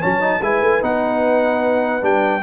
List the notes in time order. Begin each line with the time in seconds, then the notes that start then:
0.00 F#3 C#4 C#5 A5
0.21 D#4
0.41 G#3 E4 B4 G#5
0.61 A3
0.81 B3 D#4 F#5
2.01 G3 D4 G5